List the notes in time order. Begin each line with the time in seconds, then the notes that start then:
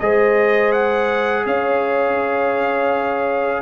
0.00 G#3 G#4 C5 D#5
0.72 F#5
1.46 C#4 C#5 F5